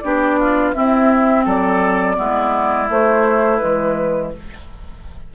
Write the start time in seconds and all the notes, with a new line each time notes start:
0.00 B3 D4 G4 D5
0.40 F4
0.74 C4 E4 E5
1.45 F#3 A4 D5
2.16 G#3 B3 E4
2.90 A3 C5
3.57 G#3 B4
3.63 E3